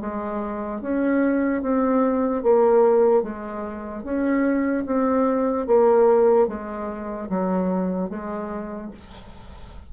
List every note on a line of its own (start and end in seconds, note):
0.00 0.81 G#3
0.81 1.62 C#4
1.62 2.43 C4
2.43 3.22 A#3
3.22 4.03 G#3
4.03 4.84 C#4
4.86 5.66 C4
5.66 6.48 A#3
6.48 7.29 G#3
7.29 8.10 F#3
8.10 8.91 G#3